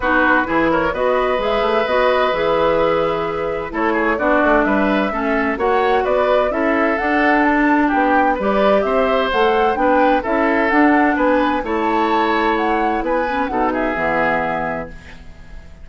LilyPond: <<
  \new Staff \with { instrumentName = "flute" } { \time 4/4 \tempo 4 = 129 b'4. cis''8 dis''4 e''4 | dis''4 e''2. | cis''4 d''4 e''2 | fis''4 d''4 e''4 fis''4 |
a''4 g''4 d''4 e''4 | fis''4 g''4 e''4 fis''4 | gis''4 a''2 fis''4 | gis''4 fis''8 e''2~ e''8 | }
  \new Staff \with { instrumentName = "oboe" } { \time 4/4 fis'4 gis'8 ais'8 b'2~ | b'1 | a'8 gis'8 fis'4 b'4 a'4 | cis''4 b'4 a'2~ |
a'4 g'4 b'4 c''4~ | c''4 b'4 a'2 | b'4 cis''2. | b'4 a'8 gis'2~ gis'8 | }
  \new Staff \with { instrumentName = "clarinet" } { \time 4/4 dis'4 e'4 fis'4 gis'4 | fis'4 gis'2. | e'4 d'2 cis'4 | fis'2 e'4 d'4~ |
d'2 g'2 | a'4 d'4 e'4 d'4~ | d'4 e'2.~ | e'8 cis'8 dis'4 b2 | }
  \new Staff \with { instrumentName = "bassoon" } { \time 4/4 b4 e4 b4 gis8 a8 | b4 e2. | a4 b8 a8 g4 a4 | ais4 b4 cis'4 d'4~ |
d'4 b4 g4 c'4 | a4 b4 cis'4 d'4 | b4 a2. | b4 b,4 e2 | }
>>